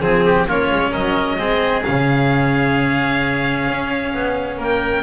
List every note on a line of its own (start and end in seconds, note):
0.00 0.46 F3
0.00 0.48 C4
0.00 0.46 G#4
0.00 0.25 G#4
0.25 0.47 G4
0.47 0.70 A#3
0.47 1.38 C#4
0.47 0.91 F4
0.47 0.93 C#5
0.71 0.94 G#3
0.91 1.39 F#3
0.91 1.37 A#4
0.91 1.83 D#5
1.38 1.85 G#3
1.38 1.83 C4
1.38 4.57 G#4
1.83 3.68 C#3
1.83 5.03 C#4
1.83 4.58 F5
3.68 4.13 C#4
4.14 4.59 B3
4.57 5.03 A#3
4.57 5.03 A#4
4.57 5.03 G5